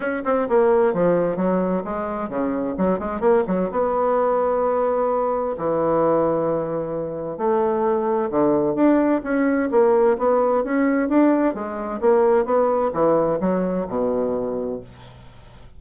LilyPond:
\new Staff \with { instrumentName = "bassoon" } { \time 4/4 \tempo 4 = 130 cis'8 c'8 ais4 f4 fis4 | gis4 cis4 fis8 gis8 ais8 fis8 | b1 | e1 |
a2 d4 d'4 | cis'4 ais4 b4 cis'4 | d'4 gis4 ais4 b4 | e4 fis4 b,2 | }